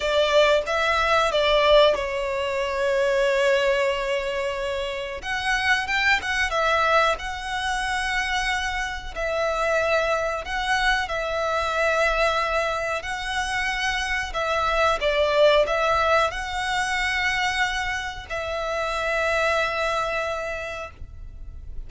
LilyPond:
\new Staff \with { instrumentName = "violin" } { \time 4/4 \tempo 4 = 92 d''4 e''4 d''4 cis''4~ | cis''1 | fis''4 g''8 fis''8 e''4 fis''4~ | fis''2 e''2 |
fis''4 e''2. | fis''2 e''4 d''4 | e''4 fis''2. | e''1 | }